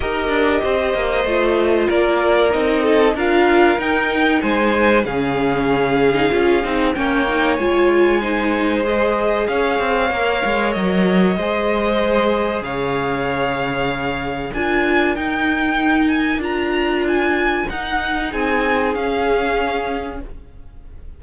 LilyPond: <<
  \new Staff \with { instrumentName = "violin" } { \time 4/4 \tempo 4 = 95 dis''2. d''4 | dis''4 f''4 g''4 gis''4 | f''2. g''4 | gis''2 dis''4 f''4~ |
f''4 dis''2. | f''2. gis''4 | g''4. gis''8 ais''4 gis''4 | fis''4 gis''4 f''2 | }
  \new Staff \with { instrumentName = "violin" } { \time 4/4 ais'4 c''2 ais'4~ | ais'8 a'8 ais'2 c''4 | gis'2. cis''4~ | cis''4 c''2 cis''4~ |
cis''2 c''2 | cis''2. ais'4~ | ais'1~ | ais'4 gis'2. | }
  \new Staff \with { instrumentName = "viola" } { \time 4/4 g'2 f'2 | dis'4 f'4 dis'2 | cis'4.~ cis'16 dis'16 f'8 dis'8 cis'8 dis'8 | f'4 dis'4 gis'2 |
ais'2 gis'2~ | gis'2. f'4 | dis'2 f'2 | dis'2 cis'2 | }
  \new Staff \with { instrumentName = "cello" } { \time 4/4 dis'8 d'8 c'8 ais8 a4 ais4 | c'4 d'4 dis'4 gis4 | cis2 cis'8 c'8 ais4 | gis2. cis'8 c'8 |
ais8 gis8 fis4 gis2 | cis2. d'4 | dis'2 d'2 | dis'4 c'4 cis'2 | }
>>